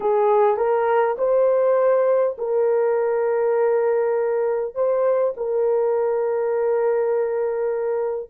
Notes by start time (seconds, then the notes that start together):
0.00 G#4
0.56 A#4
1.18 C5
2.38 A#4
4.74 C5
5.36 A#4